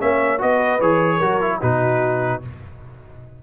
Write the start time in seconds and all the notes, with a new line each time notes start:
0.00 A#3 C#4 C#5 E5
0.39 B3 F#4 B4 D#5
0.81 E3 G#4 C#5
1.18 F#3 F#4 A#4
1.41 E4
1.60 B2 D#4 F#4 B4